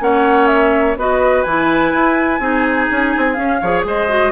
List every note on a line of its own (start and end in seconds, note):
0.00 0.96 A#3
0.00 0.96 C#4
0.00 0.98 C#5
0.00 0.47 F#5
0.47 0.95 E5
0.96 1.44 B3
0.96 1.47 F#4
0.96 2.40 B4
0.96 1.43 D#5
1.43 1.93 E3
1.43 2.40 E4
1.43 3.33 G#5
1.93 2.40 E4
2.40 2.88 C4
2.40 3.35 D#4
2.40 3.60 G#4
2.91 3.15 C#4
3.17 3.37 C4
3.33 3.59 C#4
3.33 3.61 C#4
3.33 3.81 F5
3.61 3.85 F3
3.61 4.08 G#4
3.61 3.85 C#5
3.85 4.32 G#3
3.85 4.32 C5
3.85 4.32 D#5
4.08 4.32 F#4